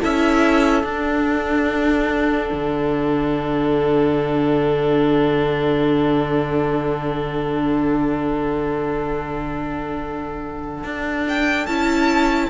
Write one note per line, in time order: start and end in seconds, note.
0.00 0.83 C#4
0.00 0.84 E4
0.00 12.50 A4
0.00 0.85 E5
0.83 2.50 D4
0.83 11.68 D4
0.83 11.27 F#5
2.52 10.84 D3
10.84 11.67 D4
11.28 11.66 G5
11.66 12.50 C#4
11.66 12.50 E4
11.66 12.50 A5